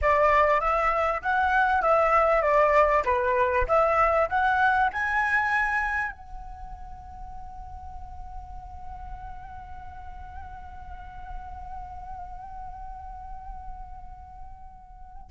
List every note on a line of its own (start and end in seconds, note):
0.01 0.60 D5
0.60 1.21 E5
1.21 1.82 F#5
1.82 2.42 E5
2.42 3.03 D5
3.04 3.66 B4
3.67 4.28 E5
4.29 4.90 F#5
4.92 6.11 G#5
6.11 15.30 F#5